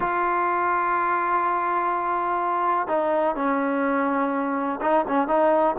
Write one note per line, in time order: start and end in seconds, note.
0.00 2.87 F4
2.87 3.35 D#4
3.35 4.79 C#4
4.81 5.05 D#4
5.07 5.27 C#4
5.27 5.75 D#4